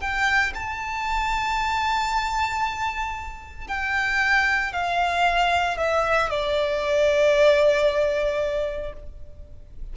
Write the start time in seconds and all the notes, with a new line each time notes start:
0.00 G5
0.55 A5
3.67 G5
4.73 F5
5.77 E5
6.30 D5